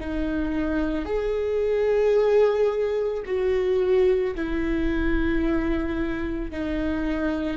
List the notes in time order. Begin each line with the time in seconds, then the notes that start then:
0.00 D#4
1.05 G#4
3.25 F#4
4.35 E4
6.51 D#4